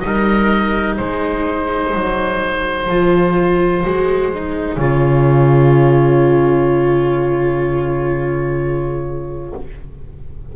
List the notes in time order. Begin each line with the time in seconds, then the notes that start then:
0.00 G3 D#4 A#4 D#5
0.97 G#3 G#4 C5
1.94 F#3
2.89 F3 F4
3.84 G#3 F#4
4.34 D#4
4.76 C#3 F4 C#5